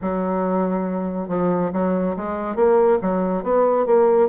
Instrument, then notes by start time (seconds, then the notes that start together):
bassoon
0.01 F#3
1.28 F3
1.73 F#3
2.16 G#3
2.55 A#3
3.01 F#3
3.43 B3
3.86 A#3